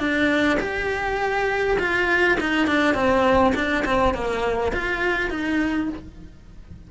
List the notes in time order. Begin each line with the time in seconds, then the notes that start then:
0.00 D4
0.60 G4
1.79 F4
2.40 D#4
2.67 D4
2.95 C4
3.55 D4
3.85 C4
4.14 A#3
4.72 F4
5.30 D#4